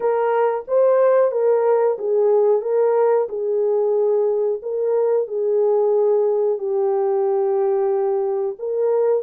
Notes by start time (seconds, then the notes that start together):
0.00 A#4
0.67 C5
1.31 A#4
1.98 G#4
2.61 A#4
3.28 G#4
4.62 A#4
5.27 G#4
6.58 G4
8.59 A#4